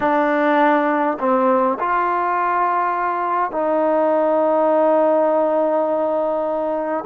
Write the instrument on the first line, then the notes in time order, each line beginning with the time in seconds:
trombone
0.00 D4
1.19 C4
1.79 F4
3.51 D#4